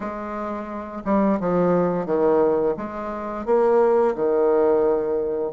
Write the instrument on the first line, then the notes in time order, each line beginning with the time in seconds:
bassoon
0.00 G#3
1.04 G3
1.39 F3
2.06 D#3
2.76 G#3
3.45 A#3
4.15 D#3